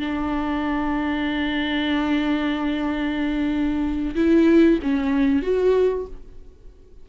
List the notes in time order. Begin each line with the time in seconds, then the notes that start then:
0.00 D4
4.16 E4
4.82 C#4
5.43 F#4